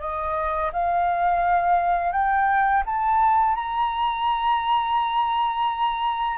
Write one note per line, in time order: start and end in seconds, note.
0.00 0.71 D#5
0.72 2.12 F5
2.12 2.83 G5
2.86 3.55 A5
3.55 6.37 A#5